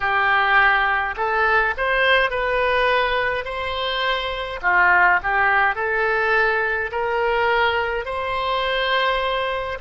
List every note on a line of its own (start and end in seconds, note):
0.00 1.15 G4
1.16 1.74 A4
1.77 2.30 C5
2.30 3.44 B4
3.44 4.59 C5
4.62 5.19 F4
5.22 5.75 G4
5.75 6.90 A4
6.91 8.05 A#4
8.05 9.78 C5